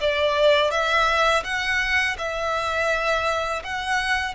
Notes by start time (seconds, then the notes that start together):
0.00 D5
0.70 E5
1.44 F#5
2.18 E5
3.63 F#5